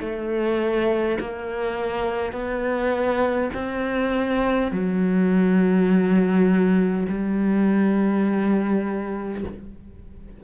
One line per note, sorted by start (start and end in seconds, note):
0.00 1.18 A3
1.20 2.33 A#3
2.33 3.50 B3
3.54 4.72 C4
4.72 7.07 F#3
7.09 9.44 G3